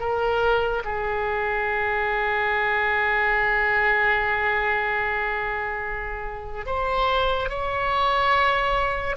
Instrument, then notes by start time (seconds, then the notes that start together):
oboe
0.00 A#4
0.84 G#4
6.66 C5
7.50 C#5